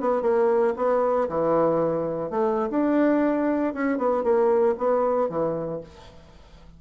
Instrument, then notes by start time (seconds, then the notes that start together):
bassoon
0.00 B3
0.22 A#3
0.76 B3
1.28 E3
2.30 A3
2.70 D4
3.74 C#4
3.98 B3
4.23 A#3
4.78 B3
5.29 E3